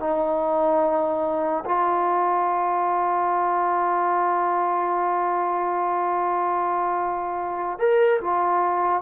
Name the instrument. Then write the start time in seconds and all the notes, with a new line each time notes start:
trombone
0.00 D#4
1.66 F4
7.79 A#4
8.21 F4